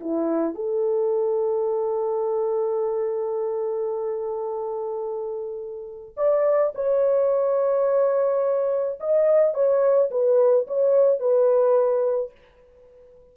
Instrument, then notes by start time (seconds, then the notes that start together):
horn
0.00 E4
0.54 A4
6.17 D5
6.75 C#5
8.99 D#5
9.54 C#5
10.10 B4
10.67 C#5
11.19 B4